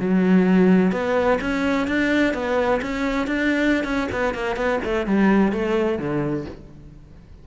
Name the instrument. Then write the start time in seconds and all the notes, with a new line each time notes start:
cello
0.00 F#3
0.92 B3
1.41 C#4
1.87 D4
2.34 B3
2.82 C#4
3.27 D4
3.84 C#4
4.12 B3
4.34 A#3
4.56 B3
4.85 A3
5.06 G3
5.52 A3
5.99 D3